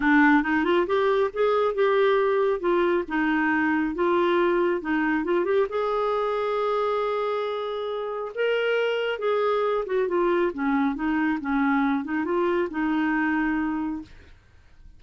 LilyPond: \new Staff \with { instrumentName = "clarinet" } { \time 4/4 \tempo 4 = 137 d'4 dis'8 f'8 g'4 gis'4 | g'2 f'4 dis'4~ | dis'4 f'2 dis'4 | f'8 g'8 gis'2.~ |
gis'2. ais'4~ | ais'4 gis'4. fis'8 f'4 | cis'4 dis'4 cis'4. dis'8 | f'4 dis'2. | }